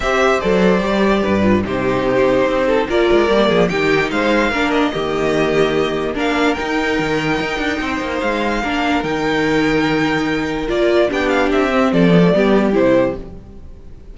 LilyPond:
<<
  \new Staff \with { instrumentName = "violin" } { \time 4/4 \tempo 4 = 146 e''4 d''2. | c''2. d''4~ | d''4 g''4 f''4. dis''8~ | dis''2. f''4 |
g''1 | f''2 g''2~ | g''2 d''4 g''8 f''8 | e''4 d''2 c''4 | }
  \new Staff \with { instrumentName = "violin" } { \time 4/4 c''2. b'4 | g'2~ g'8 a'8 ais'4~ | ais'8 gis'8 g'4 c''4 ais'4 | g'2. ais'4~ |
ais'2. c''4~ | c''4 ais'2.~ | ais'2. g'4~ | g'4 a'4 g'2 | }
  \new Staff \with { instrumentName = "viola" } { \time 4/4 g'4 a'4 g'4. f'8 | dis'2. f'4 | ais4 dis'2 d'4 | ais2. d'4 |
dis'1~ | dis'4 d'4 dis'2~ | dis'2 f'4 d'4~ | d'8 c'4 b16 a16 b4 e'4 | }
  \new Staff \with { instrumentName = "cello" } { \time 4/4 c'4 fis4 g4 g,4 | c2 c'4 ais8 gis8 | g8 f8 dis4 gis4 ais4 | dis2. ais4 |
dis'4 dis4 dis'8 d'8 c'8 ais8 | gis4 ais4 dis2~ | dis2 ais4 b4 | c'4 f4 g4 c4 | }
>>